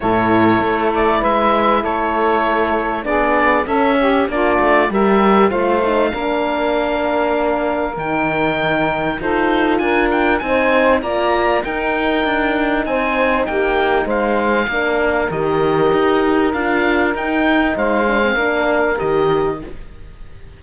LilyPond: <<
  \new Staff \with { instrumentName = "oboe" } { \time 4/4 \tempo 4 = 98 cis''4. d''8 e''4 cis''4~ | cis''4 d''4 e''4 d''4 | e''4 f''2.~ | f''4 g''2 c''4 |
gis''8 g''8 gis''4 ais''4 g''4~ | g''4 gis''4 g''4 f''4~ | f''4 dis''2 f''4 | g''4 f''2 dis''4 | }
  \new Staff \with { instrumentName = "saxophone" } { \time 4/4 a'2 b'4 a'4~ | a'4 gis'4 a'8 g'8 f'4 | ais'4 c''4 ais'2~ | ais'2. a'4 |
ais'4 c''4 d''4 ais'4~ | ais'4 c''4 g'4 c''4 | ais'1~ | ais'4 c''4 ais'2 | }
  \new Staff \with { instrumentName = "horn" } { \time 4/4 e'1~ | e'4 d'4 cis'4 d'4 | g'4 f'8 dis'8 d'2~ | d'4 dis'2 f'4~ |
f'4 dis'4 f'4 dis'4~ | dis'1 | d'4 g'2 f'4 | dis'4. d'16 c'16 d'4 g'4 | }
  \new Staff \with { instrumentName = "cello" } { \time 4/4 a,4 a4 gis4 a4~ | a4 b4 cis'4 ais8 a8 | g4 a4 ais2~ | ais4 dis2 dis'4 |
d'4 c'4 ais4 dis'4 | d'4 c'4 ais4 gis4 | ais4 dis4 dis'4 d'4 | dis'4 gis4 ais4 dis4 | }
>>